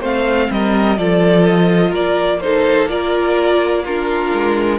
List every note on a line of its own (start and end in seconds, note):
0.00 0.49 A3
0.00 0.97 C4
0.00 0.48 C5
0.00 0.51 F5
0.50 0.98 G3
0.50 0.99 A#4
0.50 0.98 D#5
0.97 1.92 F3
0.97 2.40 F4
0.97 1.90 A4
0.97 1.45 D5
1.45 1.93 D#5
1.90 4.30 A#3
1.90 2.37 A#4
1.90 2.40 D5
2.40 2.89 D#4
2.40 2.91 A4
2.40 2.88 C5
2.89 3.84 F4
2.89 3.84 A#4
2.89 3.84 D5
3.84 4.78 D4
3.84 4.78 F4
3.84 4.78 A#4
4.33 4.78 G#3